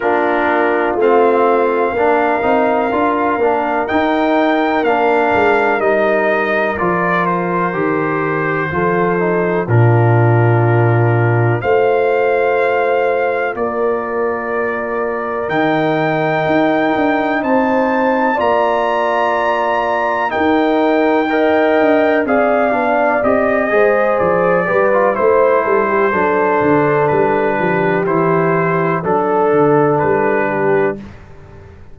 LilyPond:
<<
  \new Staff \with { instrumentName = "trumpet" } { \time 4/4 \tempo 4 = 62 ais'4 f''2. | g''4 f''4 dis''4 d''8 c''8~ | c''2 ais'2 | f''2 d''2 |
g''2 a''4 ais''4~ | ais''4 g''2 f''4 | dis''4 d''4 c''2 | b'4 c''4 a'4 b'4 | }
  \new Staff \with { instrumentName = "horn" } { \time 4/4 f'2 ais'2~ | ais'1~ | ais'4 a'4 f'2 | c''2 ais'2~ |
ais'2 c''4 d''4~ | d''4 ais'4 dis''4 d''4~ | d''8 c''4 b'8 c''8 a'16 g'16 a'4~ | a'8 g'4. a'4. g'8 | }
  \new Staff \with { instrumentName = "trombone" } { \time 4/4 d'4 c'4 d'8 dis'8 f'8 d'8 | dis'4 d'4 dis'4 f'4 | g'4 f'8 dis'8 d'2 | f'1 |
dis'2. f'4~ | f'4 dis'4 ais'4 gis'8 d'8 | g'8 gis'4 g'16 f'16 e'4 d'4~ | d'4 e'4 d'2 | }
  \new Staff \with { instrumentName = "tuba" } { \time 4/4 ais4 a4 ais8 c'8 d'8 ais8 | dis'4 ais8 gis8 g4 f4 | dis4 f4 ais,2 | a2 ais2 |
dis4 dis'8 d'8 c'4 ais4~ | ais4 dis'4. d'8 c'8 b8 | c'8 gis8 f8 g8 a8 g8 fis8 d8 | g8 f8 e4 fis8 d8 g4 | }
>>